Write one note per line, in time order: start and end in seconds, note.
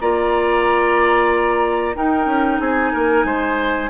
0.00 1.96 A#3
0.00 1.94 F4
0.00 1.96 D5
0.00 1.96 A#5
1.94 3.89 D#4
1.94 2.25 D#4
1.94 2.60 A#4
1.94 2.60 G5
2.25 2.58 C#4
2.60 2.92 C4
2.60 2.92 G#4
2.60 3.89 G#5
2.92 3.24 A#3
2.92 3.25 A#4
3.24 3.89 G#3
3.24 3.89 C5